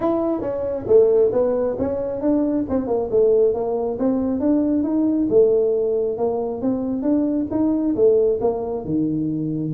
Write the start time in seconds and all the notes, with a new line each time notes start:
0.00 E4
0.41 C#4
0.87 A3
1.32 B3
1.78 C#4
2.21 D4
2.69 C4
2.87 A#3
3.10 A3
3.54 A#3
3.98 C4
4.39 D4
4.83 D#4
5.29 A3
6.17 A#3
6.61 C4
7.02 D4
7.51 D#4
7.95 A3
8.40 A#3
8.84 D#3